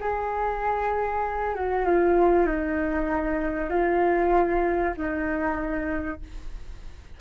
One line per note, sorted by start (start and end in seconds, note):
0.00 1.55 G#4
1.55 1.85 F#4
1.85 2.46 F4
2.46 3.70 D#4
3.70 4.93 F4
4.97 6.20 D#4